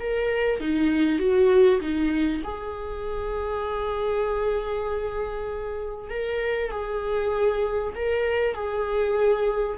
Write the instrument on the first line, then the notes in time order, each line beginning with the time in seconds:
viola
0.00 A#4
0.60 D#4
1.19 F#4
1.81 D#4
2.44 G#4
6.10 A#4
6.71 G#4
7.96 A#4
8.55 G#4